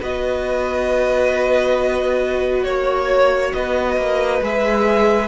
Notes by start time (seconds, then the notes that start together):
0.00 B3 F#4 B4 D#5
2.64 A#3 C#5
3.53 B3 B4 D#5
3.97 A#3
4.42 G#3 G#4 E5